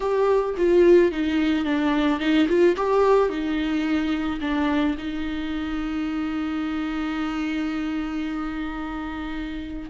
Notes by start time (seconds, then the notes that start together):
0.00 G4
0.57 F4
1.11 D#4
1.64 D4
2.19 D#4
2.48 F4
2.76 G4
3.29 D#4
4.41 D4
4.97 D#4